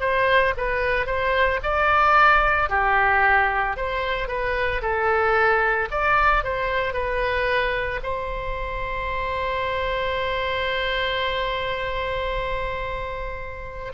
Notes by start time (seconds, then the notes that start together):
0.00 C5
0.56 B4
1.06 C5
1.63 D5
2.69 G4
3.76 C5
4.28 B4
4.81 A4
5.91 D5
6.43 C5
6.93 B4
8.03 C5